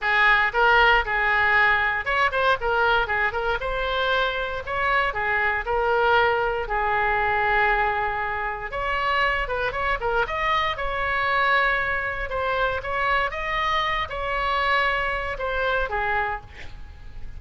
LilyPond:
\new Staff \with { instrumentName = "oboe" } { \time 4/4 \tempo 4 = 117 gis'4 ais'4 gis'2 | cis''8 c''8 ais'4 gis'8 ais'8 c''4~ | c''4 cis''4 gis'4 ais'4~ | ais'4 gis'2.~ |
gis'4 cis''4. b'8 cis''8 ais'8 | dis''4 cis''2. | c''4 cis''4 dis''4. cis''8~ | cis''2 c''4 gis'4 | }